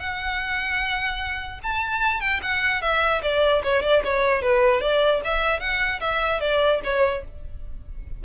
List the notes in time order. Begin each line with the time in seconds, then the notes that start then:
0.00 F#5
1.63 A5
2.21 G5
2.43 F#5
2.82 E5
3.23 D5
3.63 C#5
3.83 D5
4.05 C#5
4.42 B4
4.81 D5
5.25 E5
5.60 F#5
6.01 E5
6.41 D5
6.84 C#5